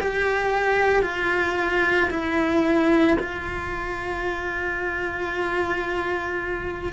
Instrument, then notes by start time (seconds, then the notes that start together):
cello
0.00 G4
1.02 F4
2.10 E4
3.19 F4